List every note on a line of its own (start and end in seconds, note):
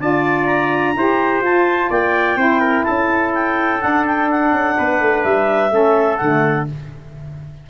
0.00 0.95 D4
0.00 0.96 F4
0.00 0.96 D5
0.00 0.46 A5
0.46 1.41 A#5
0.96 1.40 E4
0.96 1.45 G4
0.96 1.90 C5
1.40 1.88 F4
1.40 2.37 F4
1.40 1.91 A5
1.90 2.36 A#3
1.90 2.37 D5
1.90 2.84 G5
2.36 2.84 C4
2.36 3.79 E4
2.36 2.60 C5
2.60 2.84 A#4
2.84 3.83 C#4
2.84 4.77 A4
2.84 3.32 A5
3.34 3.81 G5
3.79 5.70 D4
3.79 4.52 D4
3.79 4.05 F#5
4.06 4.29 G5
4.31 5.23 F#5
4.52 4.75 C#4
4.77 5.00 B3
4.77 5.73 B4
5.00 5.24 A3
5.23 5.71 G3
5.23 6.17 E5
5.70 6.19 A3
5.70 6.18 C#4
5.70 6.70 A4
6.17 6.69 D3
6.17 6.68 A3
6.17 6.65 F#5